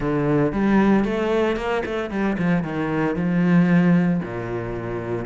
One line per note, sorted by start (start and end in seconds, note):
0.00 0.52 D3
0.52 1.04 G3
1.04 1.56 A3
1.56 1.83 A#3
1.85 2.10 A3
2.10 2.36 G3
2.38 2.63 F3
2.63 3.15 D#3
3.15 4.20 F3
4.22 5.25 A#2